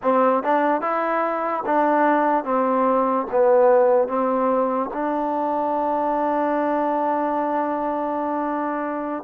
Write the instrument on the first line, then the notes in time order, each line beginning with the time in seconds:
trombone
0.02 C4
0.43 D4
0.81 E4
1.66 D4
2.44 C4
3.31 B3
4.08 C4
4.93 D4